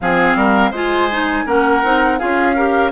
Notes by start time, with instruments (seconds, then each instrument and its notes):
0.00 bassoon F3, clarinet C4, oboe G#4, flute F5
0.35 bassoon G3, oboe A#4
0.70 bassoon G#3, clarinet F4, oboe C5, flute G#5
1.11 clarinet D#4
1.46 bassoon A#3, clarinet C#4, oboe A#4, flute F#5
1.83 bassoon C4, clarinet D#4
2.18 bassoon C#4, clarinet F4, oboe G#4, flute F5
2.55 clarinet G4, oboe A#4